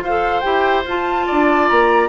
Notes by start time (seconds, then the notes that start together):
0.00 F4 C5 F5
0.07 A4
0.40 E4 G4 G5
0.85 F4 A5
1.27 D4 D5
1.68 A#3 A#5